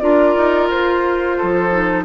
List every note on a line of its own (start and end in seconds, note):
0.00 0.36 D4
0.00 1.70 F4
0.00 1.37 A#4
0.00 0.68 D5
0.37 0.69 D#4
0.69 1.38 F4
0.69 2.04 C5
1.37 2.04 F3
1.37 2.04 A4
1.70 2.04 D#4